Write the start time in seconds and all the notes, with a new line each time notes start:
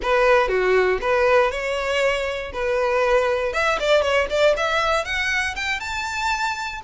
0.02 B4
0.48 F#4
1.01 B4
1.51 C#5
2.53 B4
3.53 E5
3.79 D5
4.02 C#5
4.30 D5
4.56 E5
5.04 F#5
5.55 G5
5.80 A5